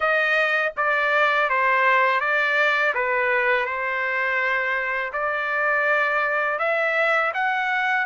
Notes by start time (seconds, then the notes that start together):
0.00 D#5
0.76 D5
1.49 C5
2.20 D5
2.94 B4
3.66 C5
5.13 D5
6.59 E5
7.34 F#5